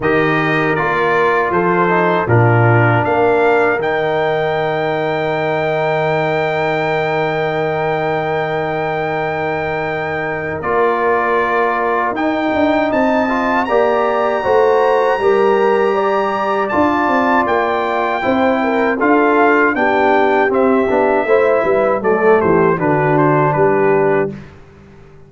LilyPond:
<<
  \new Staff \with { instrumentName = "trumpet" } { \time 4/4 \tempo 4 = 79 dis''4 d''4 c''4 ais'4 | f''4 g''2.~ | g''1~ | g''2 d''2 |
g''4 a''4 ais''2~ | ais''2 a''4 g''4~ | g''4 f''4 g''4 e''4~ | e''4 d''8 c''8 b'8 c''8 b'4 | }
  \new Staff \with { instrumentName = "horn" } { \time 4/4 ais'2 a'4 f'4 | ais'1~ | ais'1~ | ais'1~ |
ais'4 dis''4 d''4 c''4 | ais'4 d''2. | c''8 ais'8 a'4 g'2 | c''8 b'8 a'8 g'8 fis'4 g'4 | }
  \new Staff \with { instrumentName = "trombone" } { \time 4/4 g'4 f'4. dis'8 d'4~ | d'4 dis'2.~ | dis'1~ | dis'2 f'2 |
dis'4. f'8 g'4 fis'4 | g'2 f'2 | e'4 f'4 d'4 c'8 d'8 | e'4 a4 d'2 | }
  \new Staff \with { instrumentName = "tuba" } { \time 4/4 dis4 ais4 f4 ais,4 | ais4 dis2.~ | dis1~ | dis2 ais2 |
dis'8 d'8 c'4 ais4 a4 | g2 d'8 c'8 ais4 | c'4 d'4 b4 c'8 b8 | a8 g8 fis8 e8 d4 g4 | }
>>